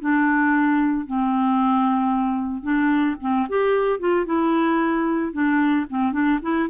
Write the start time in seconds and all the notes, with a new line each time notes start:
0.00 D4
1.07 C4
2.63 D4
3.21 C4
3.49 G4
4.00 F4
4.26 E4
5.33 D4
5.90 C4
6.13 D4
6.42 E4